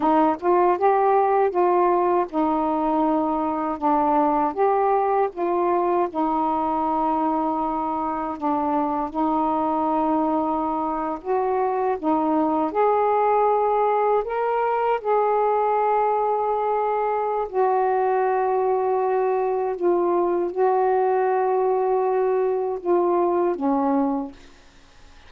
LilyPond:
\new Staff \with { instrumentName = "saxophone" } { \time 4/4 \tempo 4 = 79 dis'8 f'8 g'4 f'4 dis'4~ | dis'4 d'4 g'4 f'4 | dis'2. d'4 | dis'2~ dis'8. fis'4 dis'16~ |
dis'8. gis'2 ais'4 gis'16~ | gis'2. fis'4~ | fis'2 f'4 fis'4~ | fis'2 f'4 cis'4 | }